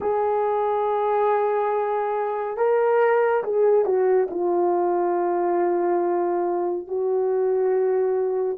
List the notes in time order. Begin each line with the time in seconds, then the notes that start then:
0.00 G#4
2.57 A#4
3.43 G#4
3.85 F#4
4.30 F4
6.87 F#4